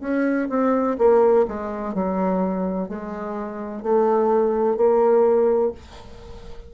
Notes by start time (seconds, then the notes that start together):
0.00 C#4
0.49 C4
0.98 A#3
1.47 G#3
1.94 F#3
2.88 G#3
3.82 A3
4.76 A#3